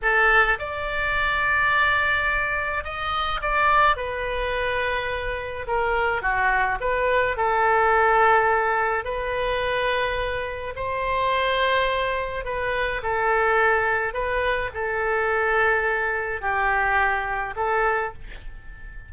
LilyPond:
\new Staff \with { instrumentName = "oboe" } { \time 4/4 \tempo 4 = 106 a'4 d''2.~ | d''4 dis''4 d''4 b'4~ | b'2 ais'4 fis'4 | b'4 a'2. |
b'2. c''4~ | c''2 b'4 a'4~ | a'4 b'4 a'2~ | a'4 g'2 a'4 | }